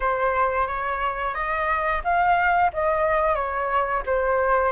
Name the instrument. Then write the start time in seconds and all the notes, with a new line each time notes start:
flute
0.00 C5
0.67 C#5
1.34 D#5
2.03 F5
2.73 D#5
3.35 C#5
4.05 C5